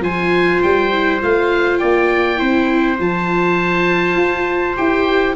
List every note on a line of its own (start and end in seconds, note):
0.00 0.59 F3
0.00 0.91 F4
0.00 1.79 C5
0.00 0.62 G#5
0.62 1.22 G3
0.62 1.21 G5
0.92 1.20 E4
1.20 1.81 A3
1.20 2.36 F4
1.20 1.78 F5
1.78 2.40 A#3
1.78 2.39 D5
1.78 2.97 G5
2.36 2.99 C4
2.36 2.96 E4
2.36 5.35 C5
2.97 4.16 F3
2.97 4.75 F4
2.97 4.76 A5
4.16 4.75 F4
4.76 5.35 E4
4.76 5.35 G4
4.76 5.35 G5